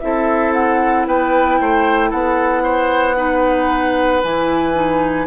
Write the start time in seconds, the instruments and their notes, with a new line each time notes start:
0.00 bassoon C4, clarinet E4, oboe A4, flute E5
0.54 flute F#5
1.07 bassoon B3, oboe B4, flute G5
1.61 bassoon A3, oboe C5
2.10 bassoon B3, oboe A4, flute F#5
2.64 oboe C5
3.16 clarinet D#4, oboe B4
4.23 bassoon E3, clarinet E4, flute G#5
4.74 clarinet D#4